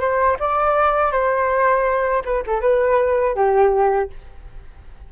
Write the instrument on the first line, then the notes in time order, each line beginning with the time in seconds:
flute
0.00 C5
0.39 D5
1.11 C5
2.25 B4
2.46 A4
2.61 B4
3.35 G4